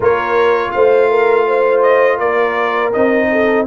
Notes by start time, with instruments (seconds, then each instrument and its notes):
0.00 tuba A#3, trombone F4, horn A#4, trumpet C#5
0.71 tuba A3, horn C5, trumpet F5
1.10 horn A#4
1.47 horn C5
1.82 trumpet D#5
2.17 tuba A#3, horn A#4, trumpet D5
2.93 tuba C4, trombone D#4, trumpet D#5
3.31 horn A4